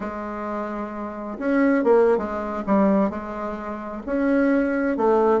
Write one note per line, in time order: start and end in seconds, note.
0.00 1.38 G#3
1.38 1.84 C#4
1.84 2.17 A#3
2.17 2.63 G#3
2.66 3.10 G3
3.10 4.02 G#3
4.06 4.97 C#4
4.97 5.40 A3